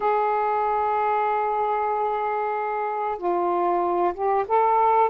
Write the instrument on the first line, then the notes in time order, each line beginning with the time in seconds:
saxophone
0.00 G#4
3.17 F4
4.13 G4
4.48 A4